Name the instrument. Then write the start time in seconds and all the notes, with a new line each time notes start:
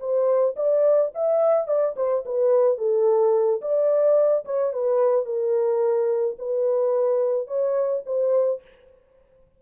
horn
0.00 C5
0.56 D5
1.15 E5
1.67 D5
1.96 C5
2.25 B4
2.78 A4
3.61 D5
4.45 C#5
4.73 B4
5.26 A#4
6.38 B4
7.47 C#5
8.06 C5